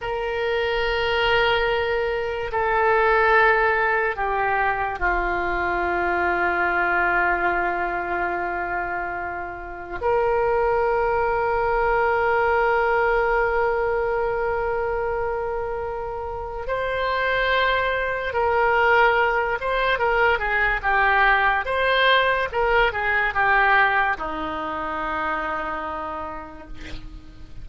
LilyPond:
\new Staff \with { instrumentName = "oboe" } { \time 4/4 \tempo 4 = 72 ais'2. a'4~ | a'4 g'4 f'2~ | f'1 | ais'1~ |
ais'1 | c''2 ais'4. c''8 | ais'8 gis'8 g'4 c''4 ais'8 gis'8 | g'4 dis'2. | }